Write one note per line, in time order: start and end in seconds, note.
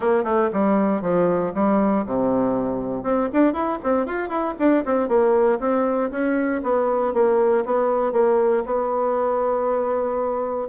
0.00 0.24 A#3
0.24 0.49 A3
0.52 1.01 G3
1.01 1.52 F3
1.54 2.05 G3
2.06 3.03 C3
3.03 3.28 C4
3.32 3.53 D4
3.53 3.78 E4
3.83 4.05 C4
4.05 4.28 F4
4.28 4.54 E4
4.58 4.84 D4
4.85 5.08 C4
5.08 5.59 A#3
5.59 6.10 C4
6.10 6.61 C#4
6.63 7.13 B3
7.13 7.64 A#3
7.65 8.12 B3
8.12 8.63 A#3
8.65 10.68 B3